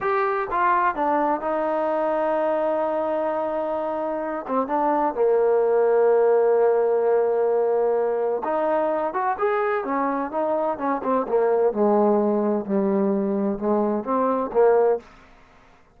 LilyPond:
\new Staff \with { instrumentName = "trombone" } { \time 4/4 \tempo 4 = 128 g'4 f'4 d'4 dis'4~ | dis'1~ | dis'4. c'8 d'4 ais4~ | ais1~ |
ais2 dis'4. fis'8 | gis'4 cis'4 dis'4 cis'8 c'8 | ais4 gis2 g4~ | g4 gis4 c'4 ais4 | }